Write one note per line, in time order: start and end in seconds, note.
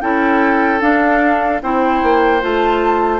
0.00 0.81 C#4
0.00 0.80 E4
0.00 1.62 A4
0.00 0.80 G5
0.80 1.60 D4
0.80 1.61 D4
0.80 1.61 F5
1.62 2.02 C4
1.62 2.40 E4
1.62 3.20 C5
1.62 2.42 G5
2.02 2.42 A#3
2.40 3.20 A3
2.40 3.20 F4
2.40 3.20 A5